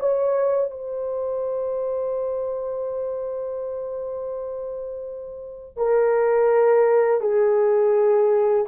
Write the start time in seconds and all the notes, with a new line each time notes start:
0.00 C#5
0.71 C5
5.77 A#4
7.21 G#4